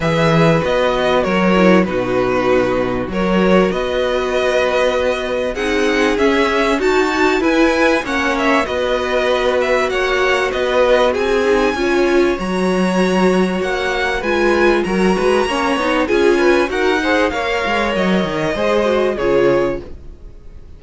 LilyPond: <<
  \new Staff \with { instrumentName = "violin" } { \time 4/4 \tempo 4 = 97 e''4 dis''4 cis''4 b'4~ | b'4 cis''4 dis''2~ | dis''4 fis''4 e''4 a''4 | gis''4 fis''8 e''8 dis''4. e''8 |
fis''4 dis''4 gis''2 | ais''2 fis''4 gis''4 | ais''2 gis''4 fis''4 | f''4 dis''2 cis''4 | }
  \new Staff \with { instrumentName = "violin" } { \time 4/4 b'2 ais'4 fis'4~ | fis'4 ais'4 b'2~ | b'4 gis'2 fis'4 | b'4 cis''4 b'2 |
cis''4 b'4 gis'4 cis''4~ | cis''2. b'4 | ais'8 b'8 cis''4 gis'8 b'8 ais'8 c''8 | cis''2 c''4 gis'4 | }
  \new Staff \with { instrumentName = "viola" } { \time 4/4 gis'4 fis'4. e'8 dis'4~ | dis'4 fis'2.~ | fis'4 dis'4 cis'4 fis'4 | e'4 cis'4 fis'2~ |
fis'2~ fis'8 dis'8 f'4 | fis'2. f'4 | fis'4 cis'8 dis'8 f'4 fis'8 gis'8 | ais'2 gis'8 fis'8 f'4 | }
  \new Staff \with { instrumentName = "cello" } { \time 4/4 e4 b4 fis4 b,4~ | b,4 fis4 b2~ | b4 c'4 cis'4 dis'4 | e'4 ais4 b2 |
ais4 b4 c'4 cis'4 | fis2 ais4 gis4 | fis8 gis8 ais8 b8 cis'4 dis'4 | ais8 gis8 fis8 dis8 gis4 cis4 | }
>>